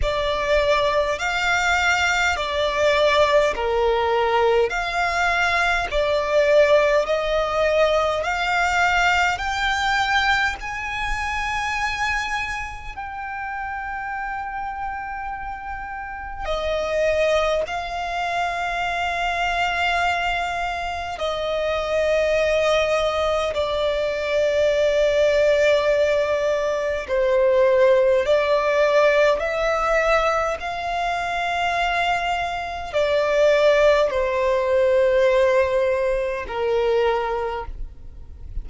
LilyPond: \new Staff \with { instrumentName = "violin" } { \time 4/4 \tempo 4 = 51 d''4 f''4 d''4 ais'4 | f''4 d''4 dis''4 f''4 | g''4 gis''2 g''4~ | g''2 dis''4 f''4~ |
f''2 dis''2 | d''2. c''4 | d''4 e''4 f''2 | d''4 c''2 ais'4 | }